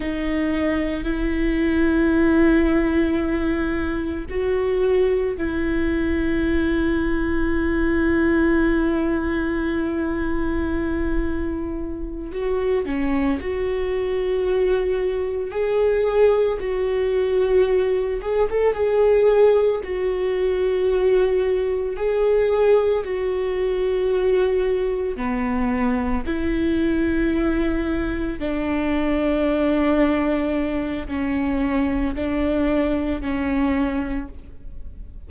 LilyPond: \new Staff \with { instrumentName = "viola" } { \time 4/4 \tempo 4 = 56 dis'4 e'2. | fis'4 e'2.~ | e'2.~ e'8 fis'8 | cis'8 fis'2 gis'4 fis'8~ |
fis'4 gis'16 a'16 gis'4 fis'4.~ | fis'8 gis'4 fis'2 b8~ | b8 e'2 d'4.~ | d'4 cis'4 d'4 cis'4 | }